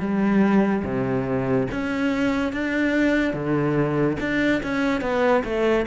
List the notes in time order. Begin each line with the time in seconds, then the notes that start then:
0.00 G3
0.84 C3
1.72 C#4
2.53 D4
3.34 D3
4.20 D4
4.63 C#4
5.02 B3
5.44 A3